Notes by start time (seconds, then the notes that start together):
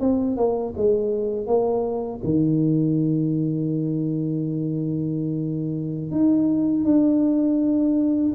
0.00 C4
0.37 A#3
0.76 G#3
1.47 A#3
2.24 D#3
6.11 D#4
6.85 D4